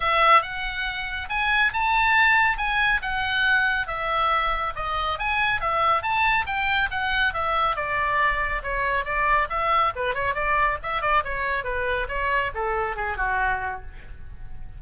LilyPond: \new Staff \with { instrumentName = "oboe" } { \time 4/4 \tempo 4 = 139 e''4 fis''2 gis''4 | a''2 gis''4 fis''4~ | fis''4 e''2 dis''4 | gis''4 e''4 a''4 g''4 |
fis''4 e''4 d''2 | cis''4 d''4 e''4 b'8 cis''8 | d''4 e''8 d''8 cis''4 b'4 | cis''4 a'4 gis'8 fis'4. | }